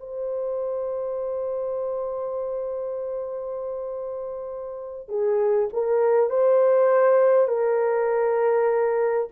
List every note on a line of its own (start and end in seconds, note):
0.00 5.09 C5
5.09 5.68 G#4
5.73 6.30 A#4
6.30 7.48 C5
7.48 9.28 A#4